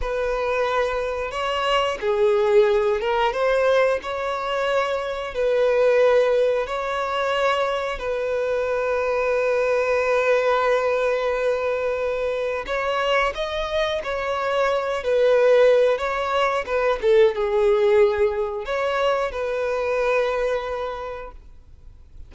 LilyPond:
\new Staff \with { instrumentName = "violin" } { \time 4/4 \tempo 4 = 90 b'2 cis''4 gis'4~ | gis'8 ais'8 c''4 cis''2 | b'2 cis''2 | b'1~ |
b'2. cis''4 | dis''4 cis''4. b'4. | cis''4 b'8 a'8 gis'2 | cis''4 b'2. | }